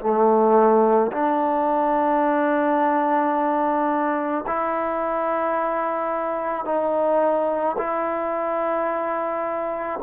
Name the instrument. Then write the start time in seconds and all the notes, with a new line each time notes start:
trombone
0.00 A3
1.12 D4
4.47 E4
6.65 D#4
7.78 E4